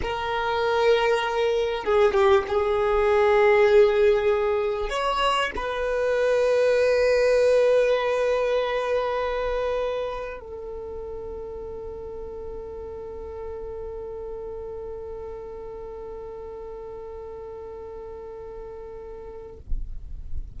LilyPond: \new Staff \with { instrumentName = "violin" } { \time 4/4 \tempo 4 = 98 ais'2. gis'8 g'8 | gis'1 | cis''4 b'2.~ | b'1~ |
b'4 a'2.~ | a'1~ | a'1~ | a'1 | }